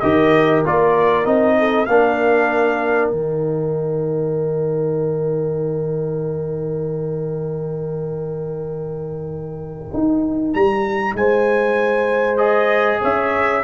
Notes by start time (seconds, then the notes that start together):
0.00 D#3 G4 A#4 D#5
0.65 A#3 F4 D5
1.25 C4 D#4 D#5
1.59 A4
1.86 A#3 D4 A#4 F5
3.09 D#3 D#4 G5
9.94 D#4
10.54 G3 A#5
11.14 G#3 C5 G#5
12.37 G#4 D#5
13.02 C#4 C#5 E5